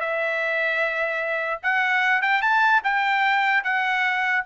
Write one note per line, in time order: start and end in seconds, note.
0.00 1.61 E5
1.63 2.22 F#5
2.22 2.42 G5
2.42 2.82 A5
2.84 3.64 G5
3.64 4.44 F#5